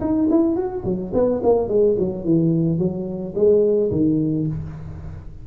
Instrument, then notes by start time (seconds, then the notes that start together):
tuba
0.00 D#4
0.30 E4
0.56 F#4
0.84 F#3
1.13 B3
1.43 A#3
1.68 G#3
1.98 F#3
2.24 E3
2.78 F#3
3.35 G#3
3.91 D#3